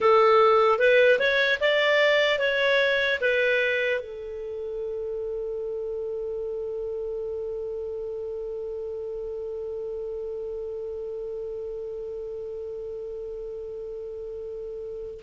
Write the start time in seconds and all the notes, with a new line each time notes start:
0.00 A4
0.79 B4
1.19 C#5
1.60 D5
2.39 C#5
3.20 B4
4.00 A4